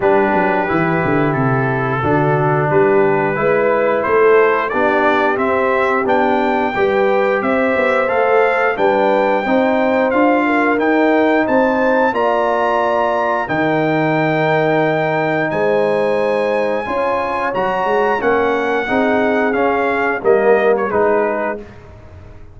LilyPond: <<
  \new Staff \with { instrumentName = "trumpet" } { \time 4/4 \tempo 4 = 89 b'2 a'2 | b'2 c''4 d''4 | e''4 g''2 e''4 | f''4 g''2 f''4 |
g''4 a''4 ais''2 | g''2. gis''4~ | gis''2 ais''4 fis''4~ | fis''4 f''4 dis''8. cis''16 b'4 | }
  \new Staff \with { instrumentName = "horn" } { \time 4/4 g'2. fis'4 | g'4 b'4 a'4 g'4~ | g'2 b'4 c''4~ | c''4 b'4 c''4. ais'8~ |
ais'4 c''4 d''2 | ais'2. c''4~ | c''4 cis''2 ais'4 | gis'2 ais'4 gis'4 | }
  \new Staff \with { instrumentName = "trombone" } { \time 4/4 d'4 e'2 d'4~ | d'4 e'2 d'4 | c'4 d'4 g'2 | a'4 d'4 dis'4 f'4 |
dis'2 f'2 | dis'1~ | dis'4 f'4 fis'4 cis'4 | dis'4 cis'4 ais4 dis'4 | }
  \new Staff \with { instrumentName = "tuba" } { \time 4/4 g8 fis8 e8 d8 c4 d4 | g4 gis4 a4 b4 | c'4 b4 g4 c'8 b8 | a4 g4 c'4 d'4 |
dis'4 c'4 ais2 | dis2. gis4~ | gis4 cis'4 fis8 gis8 ais4 | c'4 cis'4 g4 gis4 | }
>>